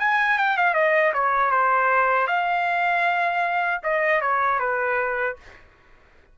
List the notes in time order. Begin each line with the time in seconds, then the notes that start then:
0.00 G#5
0.38 G5
0.57 F5
0.74 D#5
1.14 C#5
1.51 C5
2.28 F5
3.84 D#5
4.22 C#5
4.60 B4